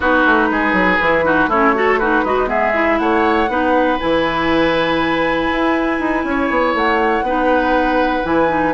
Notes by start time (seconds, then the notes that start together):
0.00 B3 D#4 F#4 B4
0.25 A3
0.50 G#3 G#4
0.72 F#3
1.00 E3 E4
1.23 D#4 F#4
1.47 A3 C#4 E4 C#5
1.74 F#4 A4
1.98 D#4 F#4 B4
2.24 G#3 D#4 F#4
2.47 B3 G#4 E5
2.73 E4
2.98 A3 C#5 F#5
3.48 B3 D#4 B4
3.99 E3 E4 G#5
5.50 E4
5.99 D#4
6.24 C#4 C#5
6.49 B3
6.74 A3 F#5
7.22 B3 D#4 B4
8.23 E3 E4 G#5
8.48 D#4